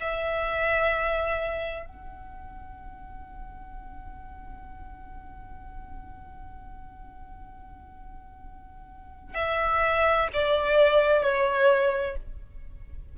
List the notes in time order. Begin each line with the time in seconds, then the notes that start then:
0.00 E5
1.85 F#5
9.34 E5
10.33 D5
11.22 C#5